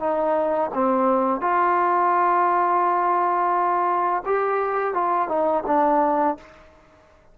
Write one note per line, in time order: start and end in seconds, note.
0.00 0.71 D#4
0.74 1.41 C4
1.41 4.24 F4
4.26 4.94 G4
4.94 5.28 F4
5.28 5.64 D#4
5.67 6.38 D4